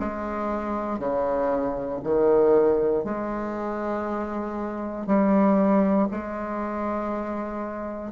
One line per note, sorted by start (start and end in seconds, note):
0.00 0.99 G#3
0.99 2.01 C#3
2.03 3.04 D#3
3.04 5.07 G#3
5.07 6.08 G3
6.11 8.12 G#3